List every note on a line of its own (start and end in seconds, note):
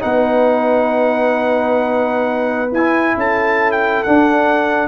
0.00 2.73 B3
0.00 2.70 D#4
0.00 3.18 B4
0.00 2.72 F#5
2.73 3.16 E4
2.73 4.07 E4
2.73 3.17 G#5
3.17 4.03 C#4
3.17 4.88 A4
3.17 3.72 A5
3.72 4.04 G5
4.04 4.88 D4
4.04 4.88 F#5